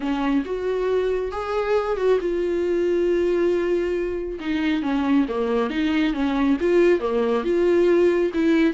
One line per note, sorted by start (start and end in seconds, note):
0.00 0.44 C#4
0.45 1.31 F#4
1.31 1.96 G#4
1.96 2.18 F#4
2.20 4.39 F4
4.40 4.82 D#4
4.82 5.26 C#4
5.28 5.70 A#3
5.70 6.13 D#4
6.13 6.57 C#4
6.60 7.00 F4
7.00 7.44 A#3
7.44 8.31 F4
8.34 8.73 E4